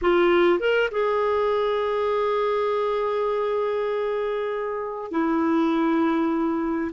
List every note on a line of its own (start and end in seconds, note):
0.01 0.59 F4
0.59 0.89 A#4
0.91 5.11 G#4
5.11 6.91 E4